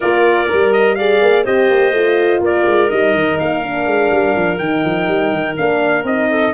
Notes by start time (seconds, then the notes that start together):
0.00 A#3 F4 A#4 D5
0.47 G3 A#4
0.73 D#5
0.95 G#4 D5 F5
1.21 A#3
1.44 C4 G4 C5 D#5
1.70 A#3
1.91 A3 F4
2.40 A#3 A#4 D5
2.66 G#3
2.90 G3 D#4 D#5
3.14 D#3
3.39 A#3 F5
3.62 D4
3.86 G#3
4.10 G3
4.36 F3
4.58 D#3 D#4 G5
4.84 F3
5.07 G3
5.32 D#3
5.56 A#3 D4 F5
6.03 C4 D#4 D#5
6.30 A4